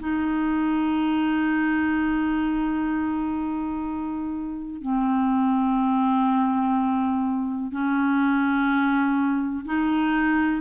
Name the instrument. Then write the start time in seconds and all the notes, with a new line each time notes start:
clarinet
0.00 D#4
4.82 C4
7.72 C#4
9.66 D#4